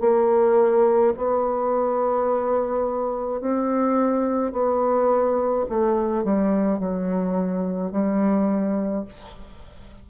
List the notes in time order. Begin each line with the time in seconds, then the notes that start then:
0.00 A#3
1.16 B3
3.40 C4
4.52 B3
5.69 A3
6.24 G3
6.79 F#3
7.91 G3